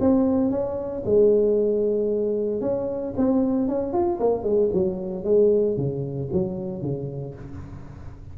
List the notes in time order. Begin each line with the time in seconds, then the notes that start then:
0.00 C4
0.50 C#4
1.05 G#3
2.61 C#4
3.17 C4
3.68 C#4
3.93 F4
4.20 A#3
4.43 G#3
4.73 F#3
5.24 G#3
5.77 C#3
6.32 F#3
6.82 C#3